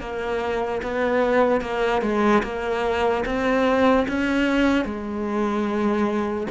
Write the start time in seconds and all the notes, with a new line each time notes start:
0.00 A#3
0.82 B3
1.61 A#3
2.02 G#3
2.43 A#3
3.25 C4
4.08 C#4
4.85 G#3